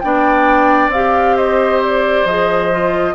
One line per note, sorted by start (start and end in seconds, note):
0.00 0.88 B3
0.00 0.92 D4
0.00 1.36 D5
0.00 0.90 G5
0.88 2.22 C4
0.88 2.28 G4
0.88 1.36 F5
1.36 3.14 C5
1.36 1.81 D#5
1.83 2.26 D5
2.24 3.14 F3
2.24 2.71 G#4
2.24 3.14 D#5
2.71 3.14 F4